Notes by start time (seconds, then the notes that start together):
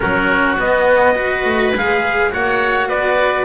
0.00 F#3 C#4 F#4 A#4
0.58 B3 D#5
1.14 F#4 B4
1.44 A3
1.74 G#3 G#4 F5
2.30 A#3 F#4 C#5 F#5
2.88 B3 B4 D5